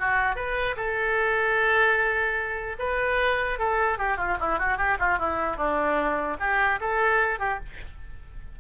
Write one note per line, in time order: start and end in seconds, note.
0.00 0.36 F#4
0.36 0.76 B4
0.77 2.77 A4
2.79 3.59 B4
3.59 3.99 A4
3.99 4.18 G4
4.18 4.38 F4
4.40 4.59 E4
4.59 4.78 F#4
4.78 4.98 G4
5.00 5.19 F4
5.19 5.57 E4
5.57 6.37 D4
6.40 6.80 G4
6.81 7.40 A4
7.40 7.60 G4